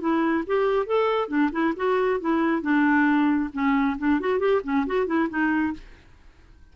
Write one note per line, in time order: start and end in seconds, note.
0.00 0.44 E4
0.47 0.86 G4
0.86 1.28 A4
1.28 1.50 D4
1.52 1.74 E4
1.76 2.20 F#4
2.20 2.62 E4
2.62 3.50 D4
3.53 3.97 C#4
3.98 4.20 D4
4.20 4.39 F#4
4.39 4.61 G4
4.64 4.86 C#4
4.87 5.07 F#4
5.07 5.29 E4
5.29 5.74 D#4